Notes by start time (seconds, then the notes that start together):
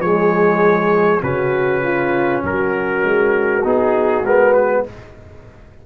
0.00 F3 G#3 G#4 C#5
1.22 C#3 C#4 F#4 B4
1.83 F4
2.44 F#3 F#4 A#4
3.04 G#3
3.64 B3 D#4 G#4
4.22 G#3 B3 A#4
4.54 B4